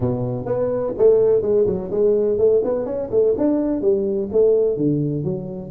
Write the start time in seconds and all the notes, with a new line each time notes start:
0.00 B2
0.45 B3
0.97 A3
1.42 G#3
1.66 F#3
1.90 G#3
2.38 A3
2.64 B3
2.85 C#4
3.10 A3
3.37 D4
3.81 G3
4.32 A3
4.76 D3
5.24 F#3